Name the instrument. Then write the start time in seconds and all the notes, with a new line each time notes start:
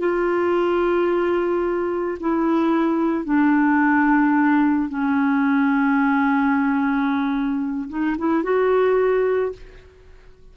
clarinet
0.00 F4
2.20 E4
3.25 D4
4.89 C#4
7.89 D#4
8.18 E4
8.43 F#4